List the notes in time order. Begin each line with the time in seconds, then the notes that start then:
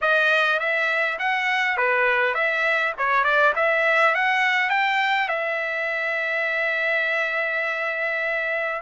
0.01 D#5
0.59 E5
1.18 F#5
1.77 B4
2.34 E5
2.98 C#5
3.24 D5
3.55 E5
4.14 F#5
4.69 G5
5.28 E5